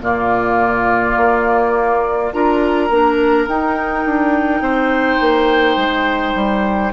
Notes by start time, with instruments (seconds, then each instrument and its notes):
0.00 bassoon A#2, clarinet A#3, oboe F4, flute D5
1.16 bassoon A#3
2.32 bassoon D4, clarinet F4, oboe A#4, flute A#5
2.90 bassoon A#3, clarinet D4
3.47 bassoon D#4, clarinet D#4, flute G5
4.05 bassoon D4
4.60 bassoon C4, oboe C5
5.20 bassoon A#3
5.76 bassoon G#3
6.34 bassoon G3